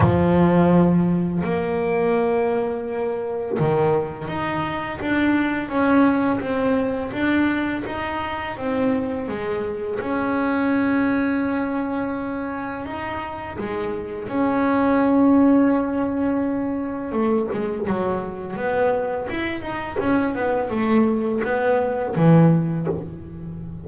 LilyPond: \new Staff \with { instrumentName = "double bass" } { \time 4/4 \tempo 4 = 84 f2 ais2~ | ais4 dis4 dis'4 d'4 | cis'4 c'4 d'4 dis'4 | c'4 gis4 cis'2~ |
cis'2 dis'4 gis4 | cis'1 | a8 gis8 fis4 b4 e'8 dis'8 | cis'8 b8 a4 b4 e4 | }